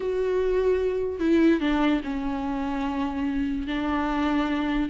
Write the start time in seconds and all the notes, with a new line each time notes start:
0.00 F#4
1.19 E4
1.60 D4
2.04 C#4
3.67 D4